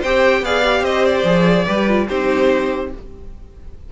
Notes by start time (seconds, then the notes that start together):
0.00 C4 G4 C5 G5
0.41 B3 G#4 D5 F5
0.63 G4
0.81 C4 C5 D#5
1.05 D5
1.24 F3 G#4
1.66 G3 G4 B4
1.87 F4
2.08 C4 D#4 G4 C5